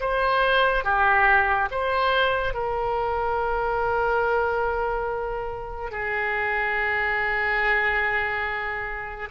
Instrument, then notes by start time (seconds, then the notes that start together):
oboe
0.00 C5
0.84 G4
1.71 C5
2.54 A#4
5.91 G#4